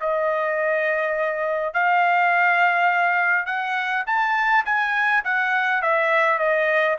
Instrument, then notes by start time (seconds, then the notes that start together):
trumpet
0.00 D#5
1.73 F5
3.46 F#5
4.06 A5
4.65 G#5
5.24 F#5
5.82 E5
6.39 D#5